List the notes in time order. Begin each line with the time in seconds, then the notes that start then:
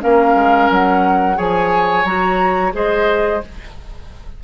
0.00 A#3 C#4 A#4 F5
0.35 G#3
0.70 F#3 F#5
1.36 F3 G#4 C#5 G#5
2.05 F#3 F#4 A#5
2.73 G#3 G#4 C5 D#5